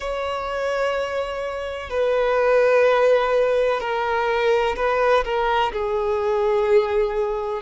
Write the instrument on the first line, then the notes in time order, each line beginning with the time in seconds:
violin
0.00 C#5
1.90 B4
3.80 A#4
4.76 B4
5.24 A#4
5.72 G#4